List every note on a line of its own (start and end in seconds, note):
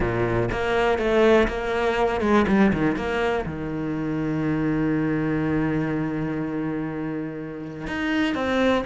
0.00 0.49 A#2
0.51 0.98 A#3
0.98 1.47 A3
1.48 2.20 A#3
2.20 2.45 G#3
2.47 2.72 G3
2.73 2.96 D#3
2.96 3.45 A#3
3.45 7.87 D#3
7.87 8.35 D#4
8.35 8.84 C4